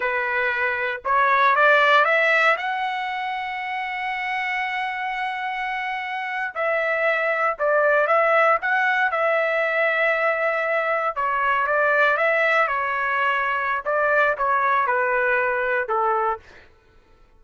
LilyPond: \new Staff \with { instrumentName = "trumpet" } { \time 4/4 \tempo 4 = 117 b'2 cis''4 d''4 | e''4 fis''2.~ | fis''1~ | fis''8. e''2 d''4 e''16~ |
e''8. fis''4 e''2~ e''16~ | e''4.~ e''16 cis''4 d''4 e''16~ | e''8. cis''2~ cis''16 d''4 | cis''4 b'2 a'4 | }